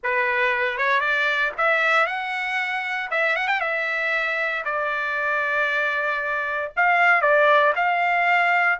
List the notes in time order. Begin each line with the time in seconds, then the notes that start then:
0.03 B4
0.77 C#5
1.00 D5
1.57 E5
2.06 F#5
3.10 E5
3.36 F#5
3.47 G5
3.60 E5
4.64 D5
6.76 F5
7.21 D5
7.75 F5